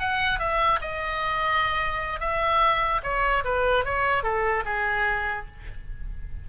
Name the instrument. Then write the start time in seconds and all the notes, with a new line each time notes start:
oboe
0.00 F#5
0.40 E5
0.82 D#5
2.21 E5
3.04 C#5
3.45 B4
3.85 C#5
4.24 A4
4.66 G#4